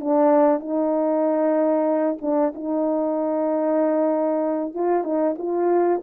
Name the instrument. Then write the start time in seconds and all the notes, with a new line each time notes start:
horn
0.00 D4
0.60 D#4
2.21 D4
2.55 D#4
4.74 F4
5.04 D#4
5.38 F4